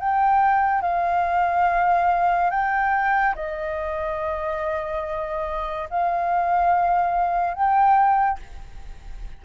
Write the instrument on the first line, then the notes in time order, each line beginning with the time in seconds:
flute
0.00 G5
0.82 F5
2.50 G5
3.35 D#5
5.90 F5
7.54 G5